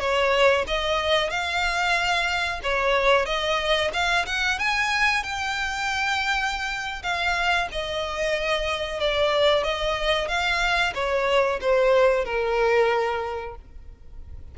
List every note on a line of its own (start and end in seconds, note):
0.00 0.65 C#5
0.68 1.30 D#5
1.30 2.61 F5
2.64 3.26 C#5
3.26 3.91 D#5
3.93 4.26 F5
4.26 4.59 F#5
4.59 5.24 G#5
5.24 7.03 G5
7.03 7.68 F5
7.72 9.01 D#5
9.01 9.64 D5
9.64 10.28 D#5
10.28 10.94 F5
10.95 11.60 C#5
11.61 12.25 C5
12.25 13.56 A#4